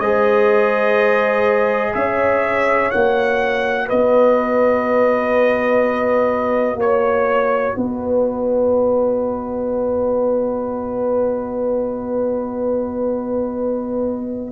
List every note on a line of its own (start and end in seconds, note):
0.00 1.94 G#3
0.00 2.92 G#4
0.00 1.94 C5
0.00 1.94 D#5
1.94 2.92 C#4
1.94 3.86 C#5
1.94 2.91 E5
2.91 3.91 A#3
2.91 14.52 F#4
2.91 3.88 F#5
3.86 6.75 B3
3.86 6.76 B4
3.86 6.80 D#5
6.75 7.72 A#3
6.75 7.76 C#5
7.76 14.52 B3
7.76 14.52 B4
7.76 14.52 D#5